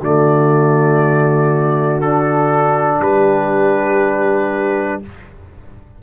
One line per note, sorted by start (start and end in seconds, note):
0.00 3.00 D3
0.00 2.03 A3
0.00 3.00 F#4
0.00 2.02 D5
2.02 5.03 D4
2.02 3.02 A4
3.00 5.00 G3
3.00 5.01 G4
3.00 5.03 B4